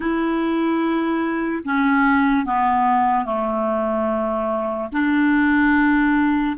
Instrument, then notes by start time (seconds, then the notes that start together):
clarinet
0.00 E4
1.64 C#4
2.45 B3
3.25 A3
4.92 D4